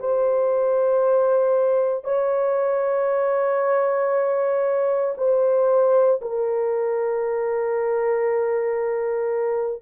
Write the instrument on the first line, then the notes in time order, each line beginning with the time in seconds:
horn
0.00 C5
2.05 C#5
5.18 C5
6.22 A#4